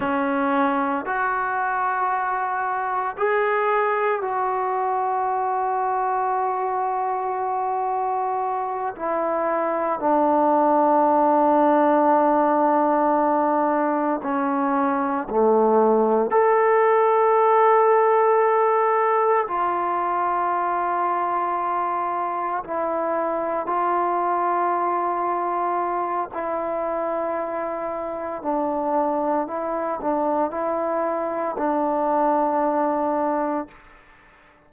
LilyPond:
\new Staff \with { instrumentName = "trombone" } { \time 4/4 \tempo 4 = 57 cis'4 fis'2 gis'4 | fis'1~ | fis'8 e'4 d'2~ d'8~ | d'4. cis'4 a4 a'8~ |
a'2~ a'8 f'4.~ | f'4. e'4 f'4.~ | f'4 e'2 d'4 | e'8 d'8 e'4 d'2 | }